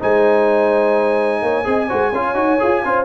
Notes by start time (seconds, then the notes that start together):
0.00 G#3 D#4 C5 G#5
1.42 A#3 C#5
1.65 C4 G#4 D#5
1.88 G#3 F#4 C5
2.12 C#4 F4 C#5
2.34 D#4 F#4
2.60 F4 G#4
2.85 C#4 F4 C5